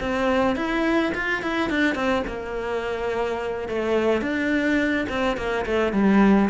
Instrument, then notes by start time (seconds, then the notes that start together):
cello
0.00 C4
0.56 E4
1.14 F4
1.42 E4
1.70 D4
1.95 C4
2.27 A#3
3.69 A3
4.21 D4
5.09 C4
5.37 A#3
5.66 A3
5.93 G3